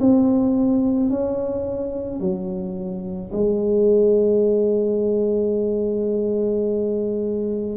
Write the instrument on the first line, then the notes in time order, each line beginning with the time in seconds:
tuba
0.00 C4
1.10 C#4
2.20 F#3
3.32 G#3